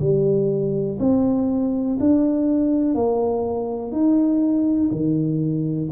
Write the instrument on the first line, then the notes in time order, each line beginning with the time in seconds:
tuba
0.00 G3
0.99 C4
2.00 D4
2.95 A#3
3.92 D#4
4.91 D#3